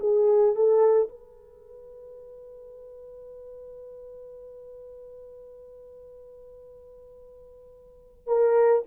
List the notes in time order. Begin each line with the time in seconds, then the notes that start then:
0.00 G#4
0.56 A4
1.09 B4
8.27 A#4